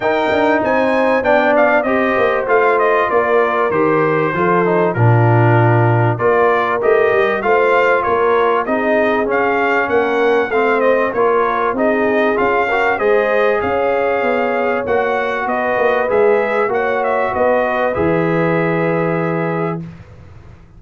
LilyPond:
<<
  \new Staff \with { instrumentName = "trumpet" } { \time 4/4 \tempo 4 = 97 g''4 gis''4 g''8 f''8 dis''4 | f''8 dis''8 d''4 c''2 | ais'2 d''4 dis''4 | f''4 cis''4 dis''4 f''4 |
fis''4 f''8 dis''8 cis''4 dis''4 | f''4 dis''4 f''2 | fis''4 dis''4 e''4 fis''8 e''8 | dis''4 e''2. | }
  \new Staff \with { instrumentName = "horn" } { \time 4/4 ais'4 c''4 d''4 c''4~ | c''4 ais'2 a'4 | f'2 ais'2 | c''4 ais'4 gis'2 |
ais'4 c''4 ais'4 gis'4~ | gis'8 ais'8 c''4 cis''2~ | cis''4 b'2 cis''4 | b'1 | }
  \new Staff \with { instrumentName = "trombone" } { \time 4/4 dis'2 d'4 g'4 | f'2 g'4 f'8 dis'8 | d'2 f'4 g'4 | f'2 dis'4 cis'4~ |
cis'4 c'4 f'4 dis'4 | f'8 fis'8 gis'2. | fis'2 gis'4 fis'4~ | fis'4 gis'2. | }
  \new Staff \with { instrumentName = "tuba" } { \time 4/4 dis'8 d'8 c'4 b4 c'8 ais8 | a4 ais4 dis4 f4 | ais,2 ais4 a8 g8 | a4 ais4 c'4 cis'4 |
ais4 a4 ais4 c'4 | cis'4 gis4 cis'4 b4 | ais4 b8 ais8 gis4 ais4 | b4 e2. | }
>>